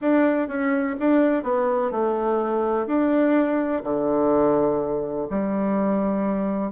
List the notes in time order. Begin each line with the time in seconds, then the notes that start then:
0.01 D4
0.48 C#4
0.99 D4
1.43 B3
1.91 A3
2.86 D4
3.83 D3
5.30 G3